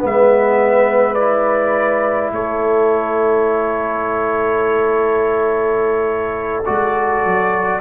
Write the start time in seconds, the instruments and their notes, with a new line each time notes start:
0.00 tuba G#3, trombone B3, horn B4
0.06 trumpet E5
1.15 trombone E4, trumpet D5
2.31 tuba A3, horn A4, trumpet C#5
6.65 tuba G#3, trombone F#4, trumpet D5
7.25 tuba F#3